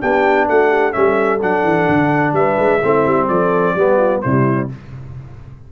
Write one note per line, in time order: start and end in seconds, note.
0.00 0.48 B3
0.00 0.92 D4
0.00 0.47 G4
0.00 0.48 G5
0.48 0.95 A3
0.48 0.69 F#4
0.48 0.92 F#5
0.69 0.93 G4
0.92 1.42 G3
0.92 1.39 C#4
0.92 2.35 A4
0.92 1.39 E5
1.42 1.63 F#3
1.42 2.82 D4
1.42 2.34 F#5
1.63 1.87 E3
1.88 2.32 D3
2.32 2.56 G3
2.32 2.81 B4
2.32 3.28 E5
2.58 2.81 G#3
2.81 3.06 A3
2.81 3.77 C4
2.81 3.28 E4
3.07 3.29 G3
3.28 3.75 F3
3.28 3.75 A4
3.28 4.21 D5
3.75 4.22 G3
3.75 4.23 B3
3.75 3.97 G4
3.97 4.20 F4
4.21 4.72 C3
4.21 4.69 G3
4.21 4.70 E4
4.21 4.68 C5